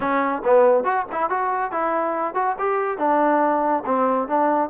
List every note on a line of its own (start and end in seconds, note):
0.00 0.42 C#4
0.44 0.84 B3
0.84 1.05 F#4
1.12 1.29 E4
1.29 1.71 F#4
1.71 2.34 E4
2.34 2.56 F#4
2.58 2.97 G4
2.97 3.83 D4
3.85 4.28 C4
4.28 4.69 D4